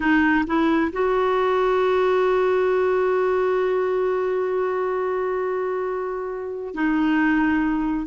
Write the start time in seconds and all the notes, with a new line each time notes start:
0.00 D#4
0.46 E4
0.92 F#4
6.74 D#4